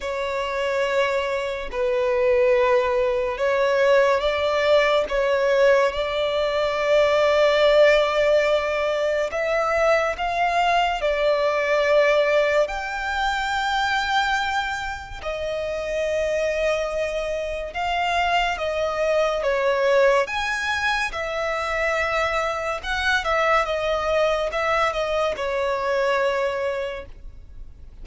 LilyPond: \new Staff \with { instrumentName = "violin" } { \time 4/4 \tempo 4 = 71 cis''2 b'2 | cis''4 d''4 cis''4 d''4~ | d''2. e''4 | f''4 d''2 g''4~ |
g''2 dis''2~ | dis''4 f''4 dis''4 cis''4 | gis''4 e''2 fis''8 e''8 | dis''4 e''8 dis''8 cis''2 | }